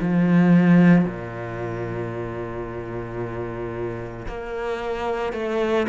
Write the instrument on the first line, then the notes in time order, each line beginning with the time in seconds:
cello
0.00 F3
1.05 A#2
4.28 A#3
5.32 A3